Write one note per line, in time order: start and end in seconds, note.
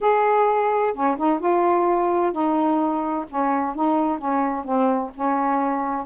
0.00 0.93 G#4
0.93 1.16 C#4
1.17 1.39 D#4
1.39 2.32 F4
2.32 3.25 D#4
3.29 3.75 C#4
3.75 4.18 D#4
4.18 4.64 C#4
4.64 5.10 C4
5.14 6.05 C#4